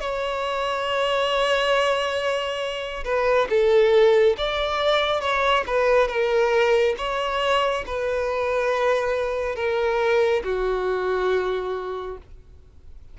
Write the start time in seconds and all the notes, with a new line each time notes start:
0.00 C#5
3.05 B4
3.50 A4
4.38 D5
5.21 C#5
5.67 B4
6.09 A#4
6.98 C#5
7.87 B4
9.56 A#4
10.44 F#4